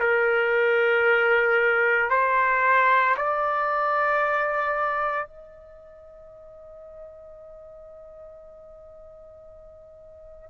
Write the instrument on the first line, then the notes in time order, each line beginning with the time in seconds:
trumpet
0.00 A#4
2.11 C5
3.17 D5
5.28 D#5